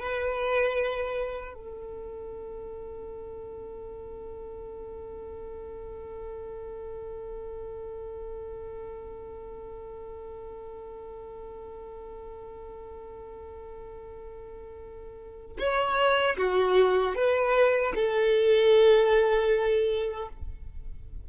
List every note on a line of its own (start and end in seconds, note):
0.00 1.54 B4
1.54 15.57 A4
15.59 16.37 C#5
16.37 17.15 F#4
17.16 17.94 B4
17.96 20.30 A4